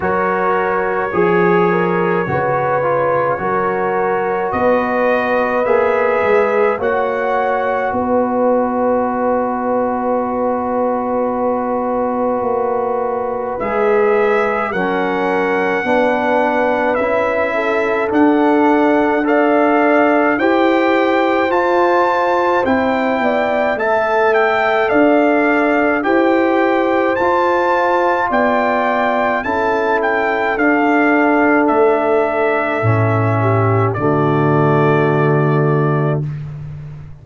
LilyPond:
<<
  \new Staff \with { instrumentName = "trumpet" } { \time 4/4 \tempo 4 = 53 cis''1 | dis''4 e''4 fis''4 dis''4~ | dis''1 | e''4 fis''2 e''4 |
fis''4 f''4 g''4 a''4 | g''4 a''8 g''8 f''4 g''4 | a''4 g''4 a''8 g''8 f''4 | e''2 d''2 | }
  \new Staff \with { instrumentName = "horn" } { \time 4/4 ais'4 gis'8 ais'8 b'4 ais'4 | b'2 cis''4 b'4~ | b'1~ | b'4 ais'4 b'4. a'8~ |
a'4 d''4 c''2~ | c''8 d''8 e''4 d''4 c''4~ | c''4 d''4 a'2~ | a'4. g'8 fis'2 | }
  \new Staff \with { instrumentName = "trombone" } { \time 4/4 fis'4 gis'4 fis'8 f'8 fis'4~ | fis'4 gis'4 fis'2~ | fis'1 | gis'4 cis'4 d'4 e'4 |
d'4 a'4 g'4 f'4 | e'4 a'2 g'4 | f'2 e'4 d'4~ | d'4 cis'4 a2 | }
  \new Staff \with { instrumentName = "tuba" } { \time 4/4 fis4 f4 cis4 fis4 | b4 ais8 gis8 ais4 b4~ | b2. ais4 | gis4 fis4 b4 cis'4 |
d'2 e'4 f'4 | c'8 b8 a4 d'4 e'4 | f'4 b4 cis'4 d'4 | a4 a,4 d2 | }
>>